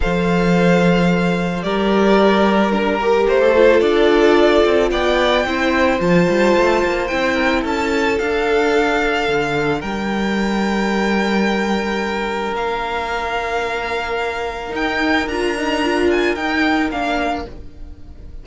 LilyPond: <<
  \new Staff \with { instrumentName = "violin" } { \time 4/4 \tempo 4 = 110 f''2. d''4~ | d''4 ais'4 c''4 d''4~ | d''4 g''2 a''4~ | a''4 g''4 a''4 f''4~ |
f''2 g''2~ | g''2. f''4~ | f''2. g''4 | ais''4. gis''8 g''4 f''4 | }
  \new Staff \with { instrumentName = "violin" } { \time 4/4 c''2. ais'4~ | ais'2~ ais'16 a'4.~ a'16~ | a'4 d''4 c''2~ | c''4. ais'8 a'2~ |
a'2 ais'2~ | ais'1~ | ais'1~ | ais'1 | }
  \new Staff \with { instrumentName = "viola" } { \time 4/4 a'2. g'4~ | g'4 d'8 g'4 f'4.~ | f'2 e'4 f'4~ | f'4 e'2 d'4~ |
d'1~ | d'1~ | d'2. dis'4 | f'8 dis'8 f'4 dis'4 d'4 | }
  \new Staff \with { instrumentName = "cello" } { \time 4/4 f2. g4~ | g2 a4 d'4~ | d'8 c'8 b4 c'4 f8 g8 | a8 ais8 c'4 cis'4 d'4~ |
d'4 d4 g2~ | g2. ais4~ | ais2. dis'4 | d'2 dis'4 ais4 | }
>>